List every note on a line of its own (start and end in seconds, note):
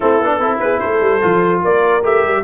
0.00 0.20 A3
0.00 0.21 C4
0.00 0.38 E4
0.00 0.59 A4
0.20 0.39 B3
0.20 0.40 D4
0.39 0.59 C4
0.39 1.21 E4
0.39 0.61 A4
0.59 0.80 B3
0.59 0.81 G#4
0.59 0.79 B4
0.79 1.00 A3
0.79 1.62 A4
0.79 1.60 C5
1.00 1.21 G3
1.21 1.64 F3
1.21 2.02 F4
1.62 2.03 A#3
1.62 2.43 A#4
1.62 2.05 D5
2.03 2.22 A3
2.03 2.43 G4
2.03 2.43 E5
2.22 2.42 G3